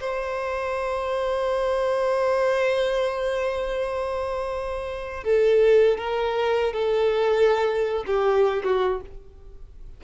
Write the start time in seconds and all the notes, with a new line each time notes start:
0.00 C5
5.23 A4
5.98 A#4
6.73 A4
8.06 G4
8.63 F#4